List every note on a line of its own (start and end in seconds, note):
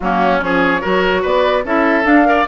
0.00 0.42 F#3
0.00 0.39 A#3
0.00 0.44 C#4
0.00 0.41 F#4
0.39 0.83 F3
0.39 0.80 C#4
0.39 0.81 G#4
0.39 1.23 C#5
0.81 1.24 F#3
0.81 1.63 F#4
0.81 1.22 A#4
1.22 1.64 B3
1.22 1.63 B4
1.22 1.65 D5
1.64 2.05 C#4
1.64 2.04 E4
1.64 2.27 A4
1.64 2.05 E5
2.04 2.24 D4
2.04 2.46 D4
2.04 2.46 F5
2.25 2.45 A#4
2.25 2.47 D5